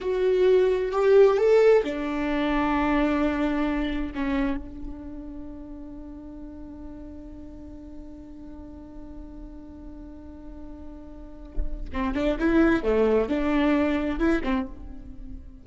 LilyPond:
\new Staff \with { instrumentName = "viola" } { \time 4/4 \tempo 4 = 131 fis'2 g'4 a'4 | d'1~ | d'4 cis'4 d'2~ | d'1~ |
d'1~ | d'1~ | d'2 c'8 d'8 e'4 | a4 d'2 e'8 c'8 | }